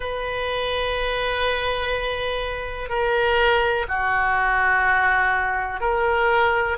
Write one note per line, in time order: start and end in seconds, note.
0.00 2.89 B4
2.89 3.85 A#4
3.88 5.80 F#4
5.80 6.77 A#4